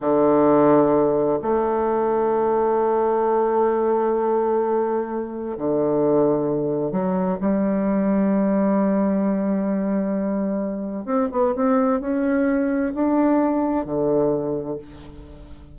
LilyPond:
\new Staff \with { instrumentName = "bassoon" } { \time 4/4 \tempo 4 = 130 d2. a4~ | a1~ | a1 | d2. fis4 |
g1~ | g1 | c'8 b8 c'4 cis'2 | d'2 d2 | }